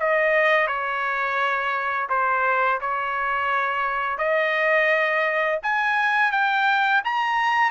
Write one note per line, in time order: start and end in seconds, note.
0.00 0.68 D#5
0.68 2.09 C#5
2.10 2.80 C5
2.81 4.19 C#5
4.19 5.60 D#5
5.63 6.32 G#5
6.32 7.03 G5
7.05 7.71 A#5